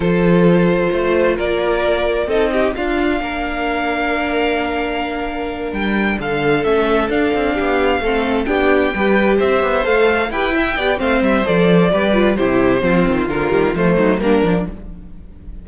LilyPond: <<
  \new Staff \with { instrumentName = "violin" } { \time 4/4 \tempo 4 = 131 c''2. d''4~ | d''4 dis''4 f''2~ | f''1~ | f''8 g''4 f''4 e''4 f''8~ |
f''2~ f''8 g''4.~ | g''8 e''4 f''4 g''4. | f''8 e''8 d''2 c''4~ | c''4 ais'4 c''4 ais'4 | }
  \new Staff \with { instrumentName = "violin" } { \time 4/4 a'2 c''4 ais'4~ | ais'4 a'8 g'8 f'4 ais'4~ | ais'1~ | ais'4. a'2~ a'8~ |
a'8 g'4 a'4 g'4 b'8~ | b'8 c''2 b'8 e''8 d''8 | c''2 b'4 g'4 | f'2~ f'8 dis'8 d'4 | }
  \new Staff \with { instrumentName = "viola" } { \time 4/4 f'1~ | f'4 dis'4 d'2~ | d'1~ | d'2~ d'8 cis'4 d'8~ |
d'4. c'4 d'4 g'8~ | g'4. a'4 g'8 e'8 g'8 | c'4 a'4 g'8 f'8 e'4 | c'4 f8 g8 a4 ais8 d'8 | }
  \new Staff \with { instrumentName = "cello" } { \time 4/4 f2 a4 ais4~ | ais4 c'4 d'4 ais4~ | ais1~ | ais8 g4 d4 a4 d'8 |
c'8 b4 a4 b4 g8~ | g8 c'8 b8 a4 e'4 b8 | a8 g8 f4 g4 c4 | f8 dis8 d8 dis8 f8 fis8 g8 f8 | }
>>